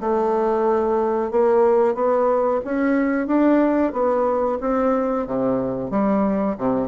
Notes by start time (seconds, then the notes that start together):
0.00 A3
1.31 A#3
1.94 B3
2.64 C#4
3.27 D4
3.92 B3
4.60 C4
5.27 C3
5.90 G3
6.58 C3